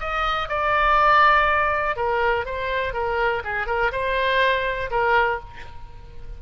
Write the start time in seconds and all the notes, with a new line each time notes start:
0.00 D#5
0.49 D5
1.96 A#4
2.45 C5
2.94 A#4
3.44 G#4
3.67 A#4
3.92 C5
4.91 A#4